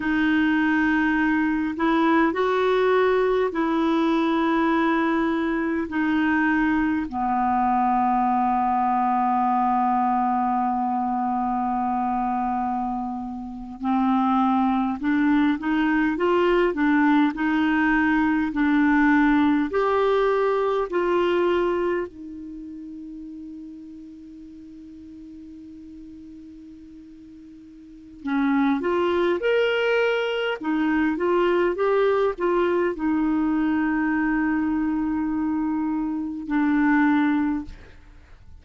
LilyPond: \new Staff \with { instrumentName = "clarinet" } { \time 4/4 \tempo 4 = 51 dis'4. e'8 fis'4 e'4~ | e'4 dis'4 b2~ | b2.~ b8. c'16~ | c'8. d'8 dis'8 f'8 d'8 dis'4 d'16~ |
d'8. g'4 f'4 dis'4~ dis'16~ | dis'1 | cis'8 f'8 ais'4 dis'8 f'8 g'8 f'8 | dis'2. d'4 | }